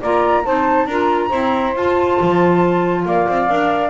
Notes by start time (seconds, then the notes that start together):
0.00 A#3 F4 D5 A#5
0.44 C4 D#4 C5 A5
0.86 D4 F4 A#4 A#5
1.29 C4 E4 C5
1.75 F4 A5
2.21 F3
3.05 A#3 D5 F5
3.28 C4
3.49 D4 A#4